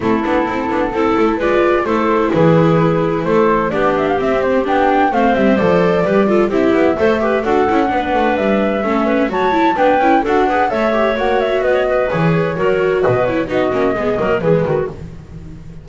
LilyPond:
<<
  \new Staff \with { instrumentName = "flute" } { \time 4/4 \tempo 4 = 129 a'2. d''4 | c''4 b'2 c''4 | d''8 e''16 f''16 e''8 c''8 g''4 f''8 e''8 | d''2 e''2 |
fis''2 e''2 | a''4 g''4 fis''4 e''4 | fis''8 e''8 dis''4 cis''2 | dis''8 cis''8 dis''2 b'4 | }
  \new Staff \with { instrumentName = "clarinet" } { \time 4/4 e'2 a'4 b'4 | a'4 gis'2 a'4 | g'2. c''4~ | c''4 b'8 a'8 g'4 c''8 b'8 |
a'4 b'2 a'8 b'8 | cis''4 b'4 a'8 b'8 cis''4~ | cis''4 b'16 cis''16 b'4. ais'4 | b'4 fis'4 gis'8 ais'8 gis'8 fis'8 | }
  \new Staff \with { instrumentName = "viola" } { \time 4/4 c'8 d'8 e'8 d'8 e'4 f'4 | e'1 | d'4 c'4 d'4 c'4 | a'4 g'8 f'8 e'4 a'8 g'8 |
fis'8 e'8 d'2 cis'4 | fis'8 e'8 d'8 e'8 fis'8 gis'8 a'8 g'8 | fis'2 gis'4 fis'4~ | fis'8 e'8 dis'8 cis'8 b8 ais8 gis4 | }
  \new Staff \with { instrumentName = "double bass" } { \time 4/4 a8 b8 c'8 b8 c'8 a8 gis4 | a4 e2 a4 | b4 c'4 b4 a8 g8 | f4 g4 c'8 b8 a4 |
d'8 cis'8 b8 a8 g4 a4 | fis4 b8 cis'8 d'4 a4 | ais4 b4 e4 fis4 | b,4 b8 ais8 gis8 fis8 e8 dis8 | }
>>